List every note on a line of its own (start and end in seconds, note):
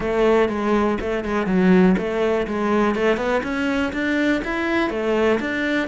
0.00 0.49 A3
0.49 0.98 G#3
1.00 1.24 A3
1.24 1.46 G#3
1.46 1.95 F#3
1.97 2.46 A3
2.47 2.95 G#3
2.95 3.17 A3
3.17 3.41 B3
3.43 3.92 C#4
3.92 4.42 D4
4.44 4.90 E4
4.90 5.39 A3
5.40 5.87 D4